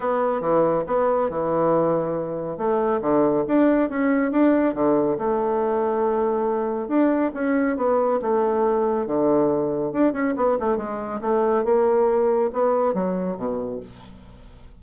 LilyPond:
\new Staff \with { instrumentName = "bassoon" } { \time 4/4 \tempo 4 = 139 b4 e4 b4 e4~ | e2 a4 d4 | d'4 cis'4 d'4 d4 | a1 |
d'4 cis'4 b4 a4~ | a4 d2 d'8 cis'8 | b8 a8 gis4 a4 ais4~ | ais4 b4 fis4 b,4 | }